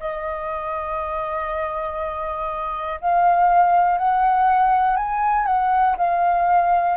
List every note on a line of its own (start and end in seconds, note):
0.00 3.00 D#5
3.01 3.99 F5
3.99 4.97 F#5
4.97 5.46 G#5
5.46 5.96 F#5
5.97 6.97 F5